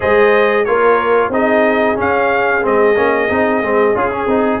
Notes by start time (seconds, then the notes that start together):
0.00 G#3 G#4 C5 D#5
0.65 A#3 F4 A#4 C#5
1.29 C4 D#4 G#4 D#5
1.95 C#4 F5
2.61 G#3 C4 D#5
2.96 A#3 C#4
3.29 C4 D#4
3.62 G#3 C4
3.94 C#4 F4 G#4
4.11 C#4
4.26 C4 D#4